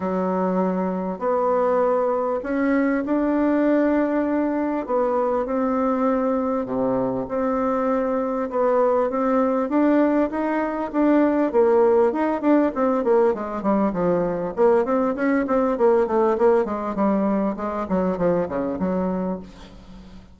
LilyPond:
\new Staff \with { instrumentName = "bassoon" } { \time 4/4 \tempo 4 = 99 fis2 b2 | cis'4 d'2. | b4 c'2 c4 | c'2 b4 c'4 |
d'4 dis'4 d'4 ais4 | dis'8 d'8 c'8 ais8 gis8 g8 f4 | ais8 c'8 cis'8 c'8 ais8 a8 ais8 gis8 | g4 gis8 fis8 f8 cis8 fis4 | }